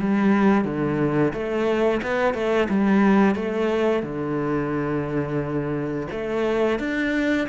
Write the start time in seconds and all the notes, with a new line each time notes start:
0.00 G3
0.65 D3
1.34 A3
2.03 B3
2.35 A3
2.70 G3
3.36 A3
4.03 D3
6.12 A3
6.80 D4